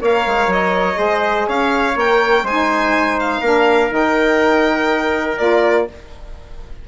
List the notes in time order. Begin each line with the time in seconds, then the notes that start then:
0.00 A#3 A#4 C#5 F5
0.27 G#3
0.47 F#3 D#5
0.94 G#3 G#4 C5
1.47 C#4 C#5 F5
1.96 A#3 A#4 G5
2.43 G#3 D#4 C5 G#5
3.19 F5
3.41 A#3 D4 A#4
3.89 D#3 D#4
3.96 G5
5.38 A#3 F4 D5